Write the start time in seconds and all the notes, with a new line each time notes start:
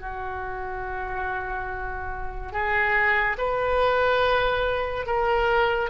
0.00 F#4
2.52 G#4
3.38 B4
5.07 A#4